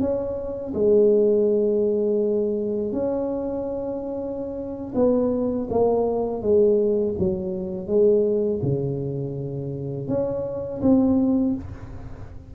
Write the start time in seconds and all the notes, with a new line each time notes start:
0.00 C#4
0.74 G#3
2.92 C#4
4.95 B3
5.70 A#3
6.42 G#3
7.19 F#3
7.87 G#3
8.62 C#3
10.08 C#4
10.81 C4